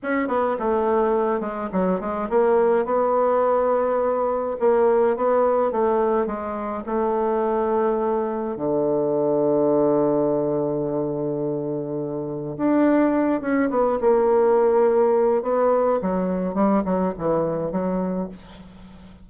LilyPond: \new Staff \with { instrumentName = "bassoon" } { \time 4/4 \tempo 4 = 105 cis'8 b8 a4. gis8 fis8 gis8 | ais4 b2. | ais4 b4 a4 gis4 | a2. d4~ |
d1~ | d2 d'4. cis'8 | b8 ais2~ ais8 b4 | fis4 g8 fis8 e4 fis4 | }